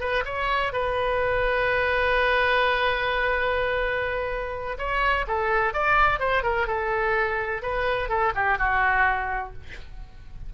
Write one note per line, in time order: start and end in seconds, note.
0.00 0.24 B4
0.25 0.73 C#5
0.73 4.77 B4
4.78 5.26 C#5
5.27 5.74 A4
5.74 6.19 D5
6.19 6.43 C5
6.43 6.67 A#4
6.67 7.62 A4
7.62 8.09 B4
8.09 8.33 A4
8.35 8.58 G4
8.58 9.53 F#4